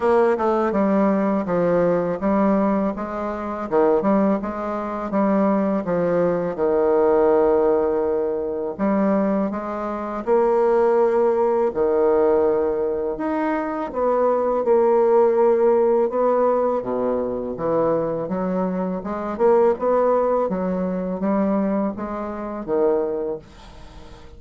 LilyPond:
\new Staff \with { instrumentName = "bassoon" } { \time 4/4 \tempo 4 = 82 ais8 a8 g4 f4 g4 | gis4 dis8 g8 gis4 g4 | f4 dis2. | g4 gis4 ais2 |
dis2 dis'4 b4 | ais2 b4 b,4 | e4 fis4 gis8 ais8 b4 | fis4 g4 gis4 dis4 | }